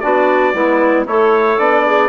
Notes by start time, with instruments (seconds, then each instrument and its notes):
0.00 bassoon B3, trombone D4, clarinet F#4, trumpet D5
0.54 bassoon G#3, trombone B3, clarinet E4
1.06 bassoon A3, trombone E4, clarinet A4, trumpet C#5
1.59 bassoon B3, trombone D4, trumpet D5
1.87 clarinet G#4